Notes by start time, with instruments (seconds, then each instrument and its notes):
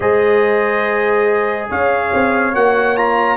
0.00 tuba G#3, trombone G#4, horn C5, trumpet D#5
1.69 tuba C#4, horn C#5, trumpet F5
2.13 tuba C4
2.54 tuba A#3, trombone F#4, trumpet F#5
2.96 trombone F4, trumpet A#5